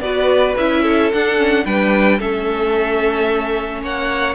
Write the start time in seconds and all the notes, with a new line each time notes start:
0.00 B3 F#4 B4 D5
0.58 C#4 E4 E5
0.83 A4
1.13 D4 F#5
1.37 C#4
1.66 G3 D4 B4 G5
2.19 A3 C#4 A4 E5
3.82 A#3 C#5 F#5